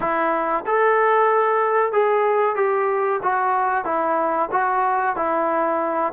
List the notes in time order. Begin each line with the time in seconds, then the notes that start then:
0.00 E4
0.66 A4
1.92 G#4
2.55 G4
3.23 F#4
3.84 E4
4.51 F#4
5.16 E4